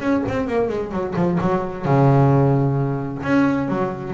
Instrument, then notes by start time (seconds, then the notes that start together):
double bass
0.00 C#4
0.28 C4
0.48 A#3
0.69 G#3
0.92 F#3
1.16 F3
1.41 F#3
1.85 C#3
3.23 C#4
3.68 F#3